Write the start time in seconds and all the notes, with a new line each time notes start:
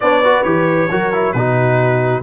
0.00 B3 D4 C#5 D5
0.23 F#4 B4
0.43 E3 G4 C#5
0.90 F#3 F#4 A#4
1.13 E4
1.32 B2 D#4 F#4 B4